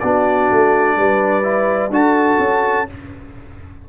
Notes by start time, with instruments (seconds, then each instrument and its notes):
0.00 tuba B3, trombone D4, horn F#4, trumpet D5
0.51 tuba A3
0.97 tuba G3, horn B4
1.43 trombone E4
1.90 tuba D4, trombone F#4, horn A4, trumpet A5
2.39 tuba C#4